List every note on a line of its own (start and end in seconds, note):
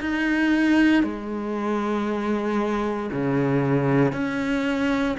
0.00 1.03 D#4
1.03 3.10 G#3
3.12 4.12 C#3
4.12 5.16 C#4